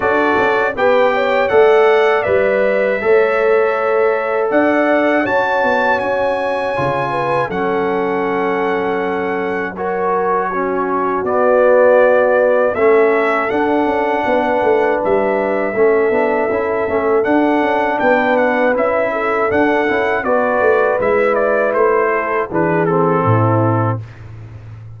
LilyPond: <<
  \new Staff \with { instrumentName = "trumpet" } { \time 4/4 \tempo 4 = 80 d''4 g''4 fis''4 e''4~ | e''2 fis''4 a''4 | gis''2 fis''2~ | fis''4 cis''2 d''4~ |
d''4 e''4 fis''2 | e''2. fis''4 | g''8 fis''8 e''4 fis''4 d''4 | e''8 d''8 c''4 b'8 a'4. | }
  \new Staff \with { instrumentName = "horn" } { \time 4/4 a'4 b'8 cis''8 d''2 | cis''2 d''4 cis''4~ | cis''4. b'8 a'2~ | a'4 ais'4 fis'2~ |
fis'4 a'2 b'4~ | b'4 a'2. | b'4. a'4. b'4~ | b'4. a'8 gis'4 e'4 | }
  \new Staff \with { instrumentName = "trombone" } { \time 4/4 fis'4 g'4 a'4 b'4 | a'2. fis'4~ | fis'4 f'4 cis'2~ | cis'4 fis'4 cis'4 b4~ |
b4 cis'4 d'2~ | d'4 cis'8 d'8 e'8 cis'8 d'4~ | d'4 e'4 d'8 e'8 fis'4 | e'2 d'8 c'4. | }
  \new Staff \with { instrumentName = "tuba" } { \time 4/4 d'8 cis'8 b4 a4 g4 | a2 d'4 cis'8 b8 | cis'4 cis4 fis2~ | fis2. b4~ |
b4 a4 d'8 cis'8 b8 a8 | g4 a8 b8 cis'8 a8 d'8 cis'8 | b4 cis'4 d'8 cis'8 b8 a8 | gis4 a4 e4 a,4 | }
>>